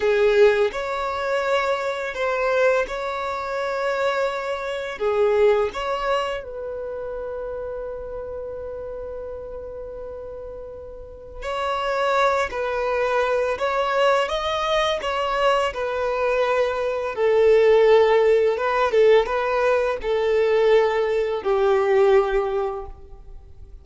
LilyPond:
\new Staff \with { instrumentName = "violin" } { \time 4/4 \tempo 4 = 84 gis'4 cis''2 c''4 | cis''2. gis'4 | cis''4 b'2.~ | b'1 |
cis''4. b'4. cis''4 | dis''4 cis''4 b'2 | a'2 b'8 a'8 b'4 | a'2 g'2 | }